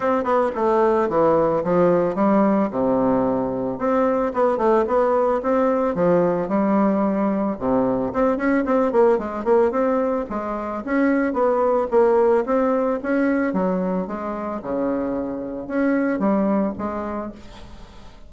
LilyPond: \new Staff \with { instrumentName = "bassoon" } { \time 4/4 \tempo 4 = 111 c'8 b8 a4 e4 f4 | g4 c2 c'4 | b8 a8 b4 c'4 f4 | g2 c4 c'8 cis'8 |
c'8 ais8 gis8 ais8 c'4 gis4 | cis'4 b4 ais4 c'4 | cis'4 fis4 gis4 cis4~ | cis4 cis'4 g4 gis4 | }